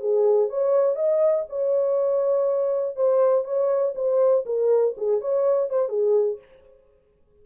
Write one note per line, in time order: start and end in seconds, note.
0.00 0.49 G#4
0.49 0.96 C#5
0.96 1.45 D#5
1.49 2.96 C#5
2.96 3.44 C5
3.44 3.94 C#5
3.95 4.45 C5
4.45 4.95 A#4
4.97 5.20 G#4
5.20 5.69 C#5
5.69 5.89 C5
5.89 6.38 G#4